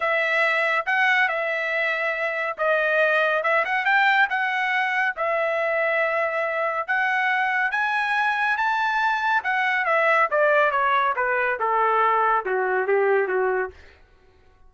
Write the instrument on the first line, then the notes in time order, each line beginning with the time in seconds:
trumpet
0.00 E5
0.86 F#5
1.28 E5
2.57 D#5
3.43 E5
3.64 F#5
3.85 G5
4.29 F#5
5.16 E5
6.87 F#5
7.71 G#5
8.57 A5
9.43 F#5
9.85 E5
10.30 D5
10.71 C#5
11.15 B4
11.59 A4
12.45 F#4
12.87 G4
13.27 F#4